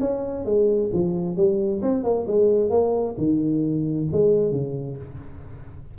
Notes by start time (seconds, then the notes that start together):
0.00 C#4
0.45 G#3
0.93 F3
1.36 G3
1.82 C4
2.03 A#3
2.27 G#3
2.70 A#3
3.17 D#3
4.12 G#3
4.52 C#3